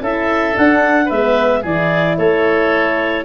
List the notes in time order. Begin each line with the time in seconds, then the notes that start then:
0.00 C#4 E4 A4 E5
0.53 D4 F#5
1.05 G#3 B4 E5
1.11 B3
1.62 E3 E4 G#4 D5
2.17 A3 A4 C#5